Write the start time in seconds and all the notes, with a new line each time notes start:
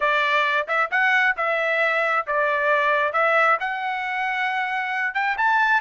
0.00 D5
0.67 E5
0.90 F#5
1.36 E5
2.26 D5
3.12 E5
3.59 F#5
5.14 G5
5.37 A5